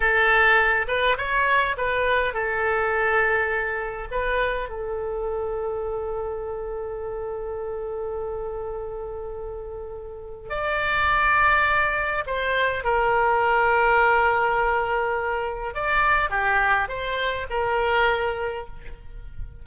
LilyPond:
\new Staff \with { instrumentName = "oboe" } { \time 4/4 \tempo 4 = 103 a'4. b'8 cis''4 b'4 | a'2. b'4 | a'1~ | a'1~ |
a'2 d''2~ | d''4 c''4 ais'2~ | ais'2. d''4 | g'4 c''4 ais'2 | }